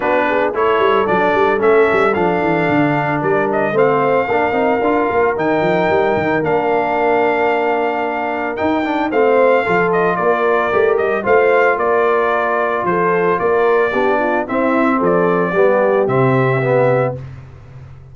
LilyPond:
<<
  \new Staff \with { instrumentName = "trumpet" } { \time 4/4 \tempo 4 = 112 b'4 cis''4 d''4 e''4 | f''2 d''8 dis''8 f''4~ | f''2 g''2 | f''1 |
g''4 f''4. dis''8 d''4~ | d''8 dis''8 f''4 d''2 | c''4 d''2 e''4 | d''2 e''2 | }
  \new Staff \with { instrumentName = "horn" } { \time 4/4 fis'8 gis'8 a'2.~ | a'2 ais'4 c''4 | ais'1~ | ais'1~ |
ais'4 c''4 a'4 ais'4~ | ais'4 c''4 ais'2 | a'4 ais'4 g'8 f'8 e'4 | a'4 g'2. | }
  \new Staff \with { instrumentName = "trombone" } { \time 4/4 d'4 e'4 d'4 cis'4 | d'2. c'4 | d'8 dis'8 f'4 dis'2 | d'1 |
dis'8 d'8 c'4 f'2 | g'4 f'2.~ | f'2 d'4 c'4~ | c'4 b4 c'4 b4 | }
  \new Staff \with { instrumentName = "tuba" } { \time 4/4 b4 a8 g8 fis8 g8 a8 g8 | f8 e8 d4 g4 a4 | ais8 c'8 d'8 ais8 dis8 f8 g8 dis8 | ais1 |
dis'4 a4 f4 ais4 | a8 g8 a4 ais2 | f4 ais4 b4 c'4 | f4 g4 c2 | }
>>